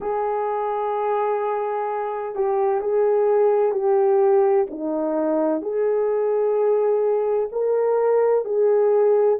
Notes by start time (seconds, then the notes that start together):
0.00 G#4
2.35 G4
2.80 G#4
3.72 G4
4.70 D#4
5.61 G#4
7.52 A#4
8.45 G#4